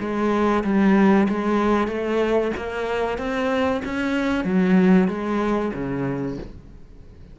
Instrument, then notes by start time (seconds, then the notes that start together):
cello
0.00 G#3
0.64 G3
1.29 G#3
1.88 A3
2.57 A#3
3.18 C4
3.85 C#4
4.44 F#3
5.08 G#3
5.74 C#3